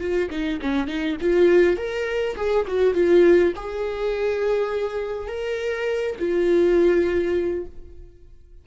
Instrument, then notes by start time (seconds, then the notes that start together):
viola
0.00 F4
0.30 D#4
0.61 C#4
0.87 D#4
1.21 F4
1.77 A#4
2.36 G#4
2.67 F#4
2.94 F4
3.56 G#4
5.28 A#4
6.19 F4